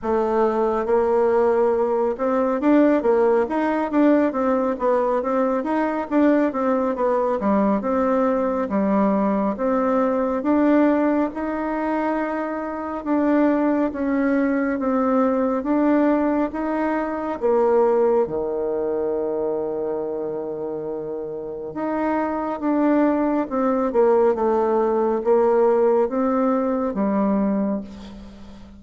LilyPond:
\new Staff \with { instrumentName = "bassoon" } { \time 4/4 \tempo 4 = 69 a4 ais4. c'8 d'8 ais8 | dis'8 d'8 c'8 b8 c'8 dis'8 d'8 c'8 | b8 g8 c'4 g4 c'4 | d'4 dis'2 d'4 |
cis'4 c'4 d'4 dis'4 | ais4 dis2.~ | dis4 dis'4 d'4 c'8 ais8 | a4 ais4 c'4 g4 | }